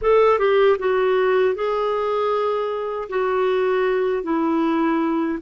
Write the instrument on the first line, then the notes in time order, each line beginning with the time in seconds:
clarinet
0.01 A4
0.38 G4
0.78 F#4
1.54 G#4
3.09 F#4
4.23 E4